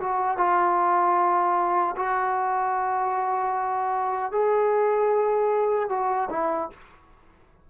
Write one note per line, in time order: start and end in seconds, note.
0.00 0.37 F#4
0.37 1.95 F4
1.96 4.32 F#4
4.32 5.89 G#4
5.89 6.29 F#4
6.30 6.70 E4